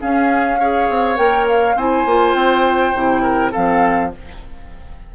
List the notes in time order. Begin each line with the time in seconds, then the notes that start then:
0.00 C#4 G#4 F5
0.59 G#4 C#5
0.89 C4
1.16 A#3 A#4 G5
1.48 F5
1.75 C4 E4 C5 G#5
2.05 A#3 F4
2.34 C4 G5
2.94 C3 E4
3.22 A#4
3.51 F3 C4 A4 F5